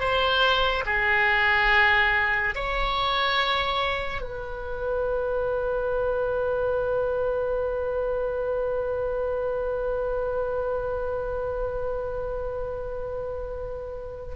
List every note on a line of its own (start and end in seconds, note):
0.00 0.85 C5
0.86 2.55 G#4
2.55 4.21 C#5
4.21 14.35 B4